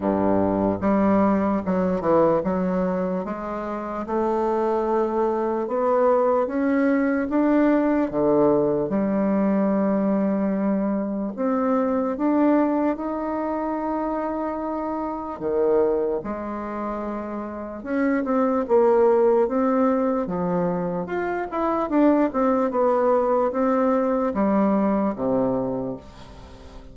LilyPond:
\new Staff \with { instrumentName = "bassoon" } { \time 4/4 \tempo 4 = 74 g,4 g4 fis8 e8 fis4 | gis4 a2 b4 | cis'4 d'4 d4 g4~ | g2 c'4 d'4 |
dis'2. dis4 | gis2 cis'8 c'8 ais4 | c'4 f4 f'8 e'8 d'8 c'8 | b4 c'4 g4 c4 | }